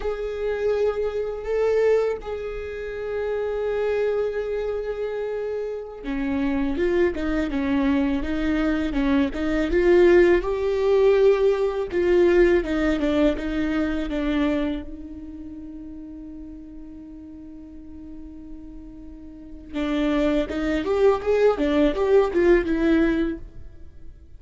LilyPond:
\new Staff \with { instrumentName = "viola" } { \time 4/4 \tempo 4 = 82 gis'2 a'4 gis'4~ | gis'1~ | gis'16 cis'4 f'8 dis'8 cis'4 dis'8.~ | dis'16 cis'8 dis'8 f'4 g'4.~ g'16~ |
g'16 f'4 dis'8 d'8 dis'4 d'8.~ | d'16 dis'2.~ dis'8.~ | dis'2. d'4 | dis'8 g'8 gis'8 d'8 g'8 f'8 e'4 | }